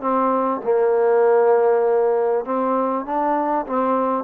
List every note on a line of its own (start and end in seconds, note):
0.00 0.61 C4
0.64 2.45 A#3
2.45 3.05 C4
3.05 3.66 D4
3.66 4.24 C4